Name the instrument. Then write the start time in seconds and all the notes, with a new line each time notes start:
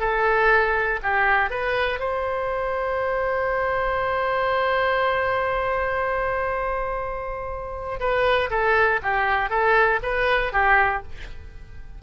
oboe
0.00 A4
1.03 G4
1.50 B4
2.00 C5
8.00 B4
8.50 A4
9.03 G4
9.50 A4
10.03 B4
10.53 G4